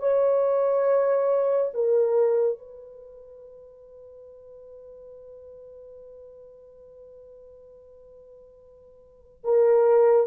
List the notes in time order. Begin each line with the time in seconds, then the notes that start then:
0.00 C#5
1.74 A#4
2.59 B4
9.45 A#4